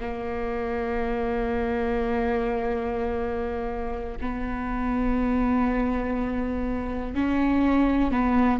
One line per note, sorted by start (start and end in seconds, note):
0.00 4.18 A#3
4.20 7.14 B3
7.14 8.11 C#4
8.11 8.59 B3